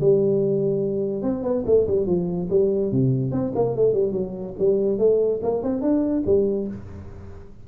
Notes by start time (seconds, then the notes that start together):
0.00 G3
1.22 C4
1.43 B3
1.66 A3
1.87 G3
2.06 F3
2.50 G3
2.91 C3
3.31 C4
3.55 A#3
3.76 A3
3.93 G3
4.12 F#3
4.59 G3
4.98 A3
5.42 A#3
5.63 C4
5.81 D4
6.26 G3